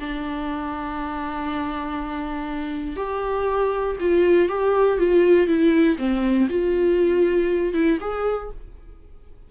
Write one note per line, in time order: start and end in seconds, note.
0.00 2.96 D4
2.96 3.96 G4
4.00 4.49 F4
4.49 4.98 G4
4.98 5.47 F4
5.47 5.97 E4
5.98 6.48 C4
6.49 7.73 F4
7.73 7.98 E4
8.00 8.50 G#4